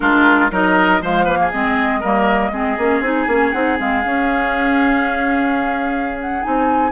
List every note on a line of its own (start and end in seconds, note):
0.00 0.51 G#3
0.00 0.50 D4
0.00 0.51 F4
0.00 0.50 A#4
0.51 1.00 F#3
0.51 1.01 D#4
0.51 1.01 A#4
0.51 1.03 D#5
1.00 1.51 F3
1.00 1.26 G#3
1.00 1.24 C5
1.00 1.51 F5
1.24 1.52 A#3
1.24 1.37 B4
1.41 2.00 G#4
1.51 2.03 G#3
1.51 2.02 C4
1.51 3.01 D#5
2.00 2.51 G3
2.00 2.52 A#3
2.00 2.50 A#4
2.51 2.76 G#3
2.51 2.77 C4
2.51 6.91 G#4
2.77 3.01 A#3
2.77 3.03 C#4
3.01 3.26 C4
3.01 3.28 D#4
3.01 3.52 G#5
3.27 3.52 A#3
3.27 3.53 C#4
3.52 3.79 C4
3.52 3.78 D#4
3.52 3.77 F#5
3.78 4.04 G#3
3.78 4.03 C4
3.78 6.19 F5
4.04 6.41 C#4
4.04 6.44 C#4
6.20 6.42 F#5
6.41 6.91 C4
6.41 6.91 D#4
6.41 6.91 G#5